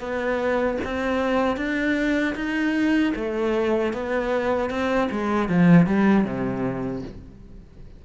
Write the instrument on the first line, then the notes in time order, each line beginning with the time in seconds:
cello
0.00 B3
0.85 C4
1.57 D4
2.36 D#4
3.16 A3
3.94 B3
4.70 C4
5.11 G#3
5.49 F3
5.87 G3
6.24 C3